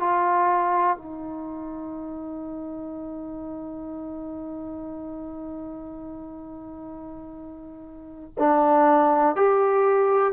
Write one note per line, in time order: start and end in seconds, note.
0.00 0.97 F4
0.97 8.35 D#4
8.39 9.36 D4
9.36 10.33 G4